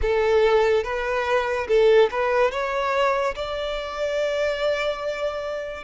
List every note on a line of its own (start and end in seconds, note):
0.01 0.83 A4
0.83 1.67 B4
1.67 2.09 A4
2.10 2.51 B4
2.51 3.34 C#5
3.35 5.84 D5